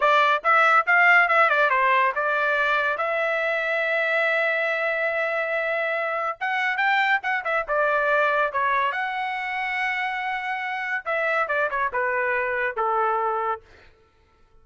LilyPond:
\new Staff \with { instrumentName = "trumpet" } { \time 4/4 \tempo 4 = 141 d''4 e''4 f''4 e''8 d''8 | c''4 d''2 e''4~ | e''1~ | e''2. fis''4 |
g''4 fis''8 e''8 d''2 | cis''4 fis''2.~ | fis''2 e''4 d''8 cis''8 | b'2 a'2 | }